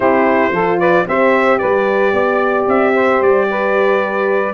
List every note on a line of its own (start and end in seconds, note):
0.00 0.51 C4
0.00 0.53 E4
0.00 0.52 G4
0.00 0.79 C5
0.51 1.05 F3
0.51 1.06 F4
0.51 0.79 A4
0.79 1.06 B4
0.79 1.06 D5
1.07 1.60 C4
1.07 4.53 G4
1.07 1.59 C5
1.07 1.58 E5
1.58 2.12 G3
1.58 2.13 B4
1.58 2.65 D5
2.12 2.66 B3
2.12 2.93 D5
2.67 3.21 C4
2.67 3.22 E5
2.94 3.47 C5
3.21 4.53 G3
3.21 4.53 D5
3.50 4.53 B4